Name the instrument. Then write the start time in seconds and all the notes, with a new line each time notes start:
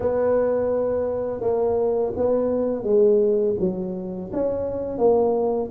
tuba
0.00 B3
1.41 A#3
2.16 B3
2.83 G#3
3.59 F#3
4.32 C#4
4.98 A#3